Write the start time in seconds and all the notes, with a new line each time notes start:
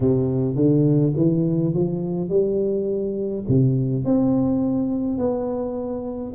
0.00 C3
0.55 D3
1.16 E3
1.74 F3
2.29 G3
3.48 C3
4.04 C4
5.18 B3